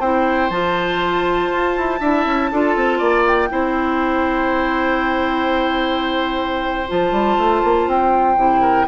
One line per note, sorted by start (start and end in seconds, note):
0.00 0.50 C4
0.00 0.52 E4
0.00 2.00 C5
0.00 0.50 G5
0.50 1.50 F3
0.50 2.02 F4
0.50 3.25 A5
1.53 1.78 F4
1.78 2.01 E4
2.01 2.26 D4
2.01 2.52 E4
2.01 2.51 E5
2.26 2.51 C#4
2.52 2.76 D4
2.52 3.49 F4
2.52 2.99 A4
2.76 3.01 C4
2.99 3.51 A#3
2.99 3.49 D5
3.27 6.89 G5
3.49 6.89 C4
3.49 6.87 E4
3.49 8.61 C5
6.88 7.12 F3
6.88 8.37 F4
6.88 7.89 A5
7.12 7.37 G3
7.38 7.63 A3
7.64 7.88 A#3
7.88 8.37 C4
7.88 8.88 G5
8.37 8.87 C3
8.37 8.87 E4
8.61 8.86 A#4